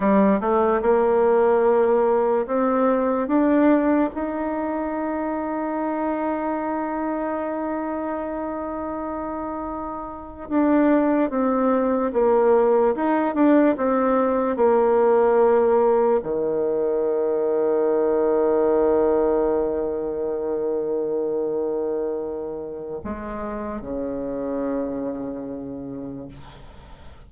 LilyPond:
\new Staff \with { instrumentName = "bassoon" } { \time 4/4 \tempo 4 = 73 g8 a8 ais2 c'4 | d'4 dis'2.~ | dis'1~ | dis'8. d'4 c'4 ais4 dis'16~ |
dis'16 d'8 c'4 ais2 dis16~ | dis1~ | dis1 | gis4 cis2. | }